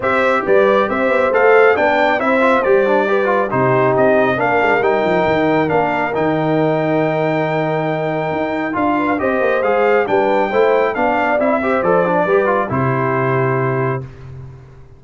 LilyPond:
<<
  \new Staff \with { instrumentName = "trumpet" } { \time 4/4 \tempo 4 = 137 e''4 d''4 e''4 f''4 | g''4 e''4 d''2 | c''4 dis''4 f''4 g''4~ | g''4 f''4 g''2~ |
g''1 | f''4 dis''4 f''4 g''4~ | g''4 f''4 e''4 d''4~ | d''4 c''2. | }
  \new Staff \with { instrumentName = "horn" } { \time 4/4 c''4 b'4 c''2 | d''4 c''2 b'4 | g'2 ais'2~ | ais'1~ |
ais'1~ | ais'8 b'8 c''2 b'4 | c''4 d''4. c''4. | b'4 g'2. | }
  \new Staff \with { instrumentName = "trombone" } { \time 4/4 g'2. a'4 | d'4 e'8 f'8 g'8 d'8 g'8 f'8 | dis'2 d'4 dis'4~ | dis'4 d'4 dis'2~ |
dis'1 | f'4 g'4 gis'4 d'4 | e'4 d'4 e'8 g'8 a'8 d'8 | g'8 f'8 e'2. | }
  \new Staff \with { instrumentName = "tuba" } { \time 4/4 c'4 g4 c'8 b8 a4 | b4 c'4 g2 | c4 c'4 ais8 gis8 g8 f8 | dis4 ais4 dis2~ |
dis2. dis'4 | d'4 c'8 ais8 gis4 g4 | a4 b4 c'4 f4 | g4 c2. | }
>>